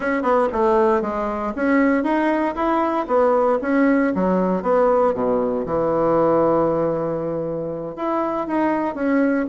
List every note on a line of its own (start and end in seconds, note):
0.00 0.22 C#4
0.22 0.48 B3
0.52 1.01 A3
1.01 1.53 G#3
1.55 2.03 C#4
2.03 2.54 D#4
2.55 3.06 E4
3.07 3.58 B3
3.61 4.13 C#4
4.14 4.62 F#3
4.62 5.14 B3
5.14 5.65 B2
5.65 7.95 E3
7.95 8.47 E4
8.47 8.94 D#4
8.94 9.46 C#4